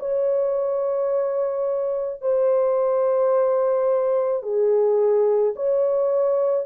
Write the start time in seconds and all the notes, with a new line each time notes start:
0.00 C#5
2.22 C5
4.43 G#4
5.56 C#5